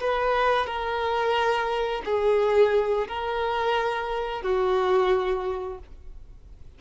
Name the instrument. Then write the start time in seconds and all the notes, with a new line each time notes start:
violin
0.00 B4
0.66 A#4
2.05 G#4
3.07 A#4
4.42 F#4